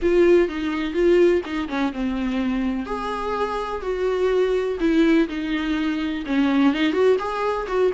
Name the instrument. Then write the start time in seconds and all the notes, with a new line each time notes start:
viola
0.01 F4
0.48 D#4
0.93 F4
1.45 D#4
1.68 C#4
1.92 C4
2.86 G#4
3.82 F#4
4.80 E4
5.28 D#4
6.26 C#4
6.73 D#4
6.93 F#4
7.18 G#4
7.67 F#4